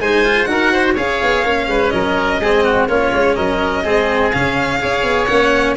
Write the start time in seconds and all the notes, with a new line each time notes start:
0.00 G#3 D#4 C5 G#5
0.25 F4
0.45 D#4 F#4 A#4 F#5
0.73 C5
0.94 C#4 G#4 C#5 F5
1.23 B3
1.44 A#3 C#4
1.68 G#3 B4
1.90 F#3 A#4 D#5
2.40 G#3 C4 G#4
2.65 F#4
2.88 A#3 C#4 F4 C#5
3.13 G#3
3.36 F#3 A#4 D#5
3.84 G#3 C4 G#4
4.32 C#3 C#4 F5
4.80 C#4 G#4 C#5
5.03 B3
5.26 A#3 C#4 F#5